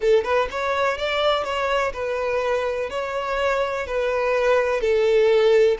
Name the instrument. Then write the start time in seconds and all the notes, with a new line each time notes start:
violin
0.00 A4
0.24 B4
0.51 C#5
0.97 D5
1.43 C#5
1.93 B4
2.89 C#5
3.86 B4
4.80 A4